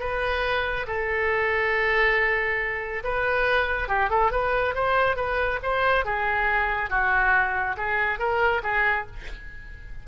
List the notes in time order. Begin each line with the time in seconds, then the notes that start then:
0.00 B4
0.87 A4
3.04 B4
3.88 G4
4.10 A4
4.32 B4
4.75 C5
5.16 B4
5.63 C5
6.05 G#4
6.90 F#4
7.77 G#4
8.19 A#4
8.63 G#4